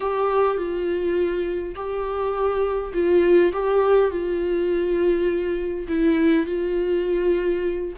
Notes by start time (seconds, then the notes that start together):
0.00 G4
0.57 F4
1.75 G4
2.93 F4
3.52 G4
4.10 F4
5.88 E4
6.45 F4